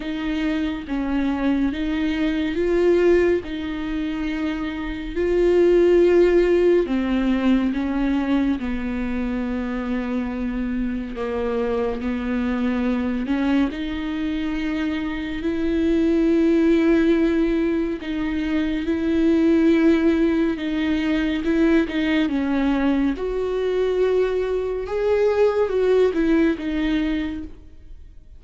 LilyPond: \new Staff \with { instrumentName = "viola" } { \time 4/4 \tempo 4 = 70 dis'4 cis'4 dis'4 f'4 | dis'2 f'2 | c'4 cis'4 b2~ | b4 ais4 b4. cis'8 |
dis'2 e'2~ | e'4 dis'4 e'2 | dis'4 e'8 dis'8 cis'4 fis'4~ | fis'4 gis'4 fis'8 e'8 dis'4 | }